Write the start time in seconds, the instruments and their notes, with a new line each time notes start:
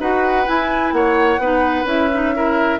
0.00 bassoon D#4, clarinet F#4, oboe B4, flute F#5
0.46 clarinet E4, bassoon E4, flute G#5
0.93 bassoon A#3, oboe C#5, flute F#5
1.39 bassoon B3, clarinet D#4, oboe B4
1.85 bassoon C#4, clarinet E4, flute E5
2.14 clarinet D#4
2.36 clarinet E4, oboe A#4